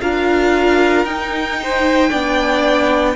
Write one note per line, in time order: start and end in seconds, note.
0.00 1.04 D4
0.00 1.06 F4
0.00 1.60 A#4
0.00 1.05 F5
1.04 2.09 D#4
1.04 2.10 D#4
1.04 3.16 G5
1.62 2.10 C5
2.10 3.16 B3
2.10 3.15 D4
2.10 3.15 D5